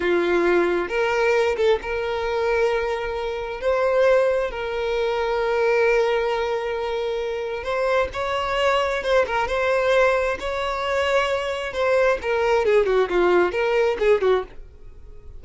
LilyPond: \new Staff \with { instrumentName = "violin" } { \time 4/4 \tempo 4 = 133 f'2 ais'4. a'8 | ais'1 | c''2 ais'2~ | ais'1~ |
ais'4 c''4 cis''2 | c''8 ais'8 c''2 cis''4~ | cis''2 c''4 ais'4 | gis'8 fis'8 f'4 ais'4 gis'8 fis'8 | }